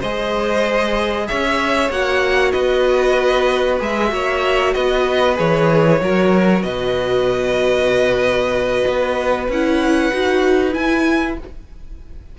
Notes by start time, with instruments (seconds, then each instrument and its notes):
0.00 cello G#3, viola G#4, violin C5 D#5
1.28 cello C#4, violin C#5 E5
1.89 cello A#3, viola F#4, violin F#5
2.52 cello B3, violin B4 D#5
3.80 cello G#3, viola G#4, violin E5
4.09 cello A#3, viola F#4, violin C#5
4.74 cello B3, violin B4 D#5
5.36 cello E3, viola G#4, violin C#5
6.01 cello F#3, viola F#4, violin A#4
6.63 cello B2, violin B4 D#5
8.88 cello B3
9.49 cello C#4, viola E4, violin F#5
10.12 cello D#4, viola F#4
10.72 viola E4, cello E4, violin G#5